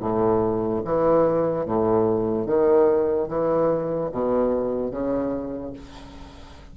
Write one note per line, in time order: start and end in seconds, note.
0.00 0.82 A2
0.85 1.66 E3
1.66 2.47 A2
2.47 3.28 D#3
3.28 4.11 E3
4.12 4.91 B2
4.91 5.73 C#3